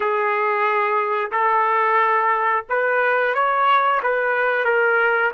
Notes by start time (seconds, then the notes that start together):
0.00 G#4
1.31 A4
2.69 B4
3.34 C#5
4.02 B4
4.65 A#4